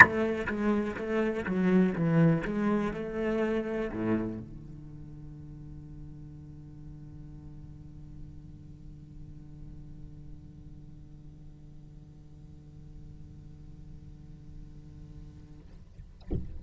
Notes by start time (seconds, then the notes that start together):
0.00 A3
0.47 G#3
0.96 A3
1.46 F#3
1.95 E3
2.45 G#3
2.93 A3
3.92 A2
4.39 D3